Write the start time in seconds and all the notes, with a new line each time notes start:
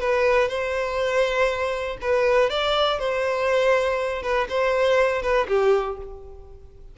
0.00 B4
0.49 C5
2.01 B4
2.50 D5
2.99 C5
4.23 B4
4.49 C5
5.22 B4
5.48 G4